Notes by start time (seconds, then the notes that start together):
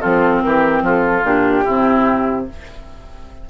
0.00 F3 C4 F4 A4
0.43 E3 G4 A#4
0.82 F3 F4 A4
1.24 A#2 D4 G4
1.64 C3 C4 E4